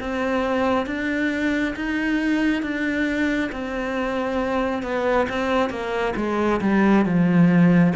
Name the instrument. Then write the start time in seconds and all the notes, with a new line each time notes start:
cello
0.00 C4
0.86 D4
1.76 D#4
2.63 D4
3.52 C4
4.83 B3
5.29 C4
5.70 A#3
6.16 G#3
6.61 G3
7.05 F3